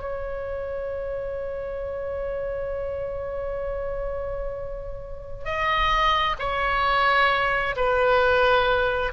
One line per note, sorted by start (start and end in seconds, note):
0.00 5.45 C#5
5.45 6.36 D#5
6.39 7.75 C#5
7.76 9.12 B4